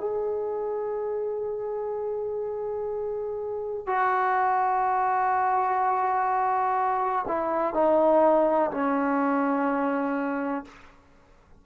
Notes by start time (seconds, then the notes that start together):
0.00 G#4
3.87 F#4
7.28 E4
7.74 D#4
8.71 C#4